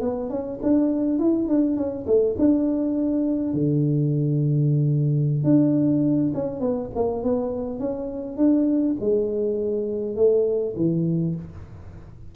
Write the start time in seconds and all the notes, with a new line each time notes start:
0.00 B3
0.29 C#4
0.62 D4
1.18 E4
1.48 D4
1.76 C#4
2.06 A3
2.39 D4
3.53 D3
5.44 D4
6.34 C#4
6.60 B3
6.95 A#3
7.23 B3
7.79 C#4
8.37 D4
9.00 G#3
10.16 A3
10.76 E3